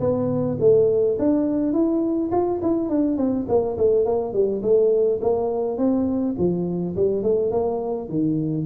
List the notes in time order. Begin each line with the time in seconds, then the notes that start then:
0.00 B3
0.60 A3
1.19 D4
1.73 E4
2.32 F4
2.62 E4
2.89 D4
3.17 C4
3.48 A#3
3.77 A3
4.05 A#3
4.33 G3
4.62 A3
5.21 A#3
5.77 C4
6.38 F3
6.96 G3
7.23 A3
7.51 A#3
8.09 D#3